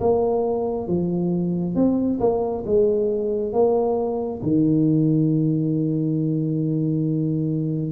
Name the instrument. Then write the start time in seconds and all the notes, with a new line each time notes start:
tuba
0.00 A#3
0.88 F3
1.76 C4
2.20 A#3
2.66 G#3
3.53 A#3
4.43 D#3